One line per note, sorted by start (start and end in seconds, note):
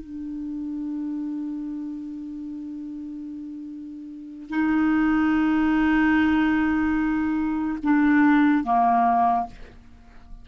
0.00 4.49 D4
4.49 7.78 D#4
7.83 8.64 D4
8.64 9.46 A#3